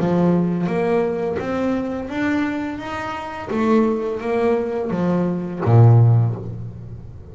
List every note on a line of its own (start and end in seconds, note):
0.00 0.67 F3
0.67 1.38 A#3
1.40 2.10 C4
2.10 2.79 D4
2.79 3.49 D#4
3.51 4.21 A3
4.21 4.91 A#3
4.91 5.61 F3
5.65 6.36 A#2